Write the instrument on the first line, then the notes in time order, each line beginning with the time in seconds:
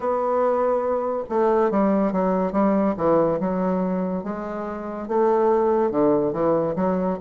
bassoon
0.00 B3
1.29 A3
1.71 G3
2.12 F#3
2.52 G3
2.97 E3
3.40 F#3
4.23 G#3
5.07 A3
5.90 D3
6.33 E3
6.75 F#3